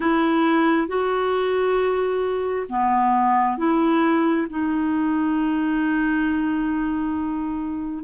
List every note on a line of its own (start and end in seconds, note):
0.00 0.87 E4
0.87 2.66 F#4
2.69 3.57 B3
3.57 4.47 E4
4.49 8.04 D#4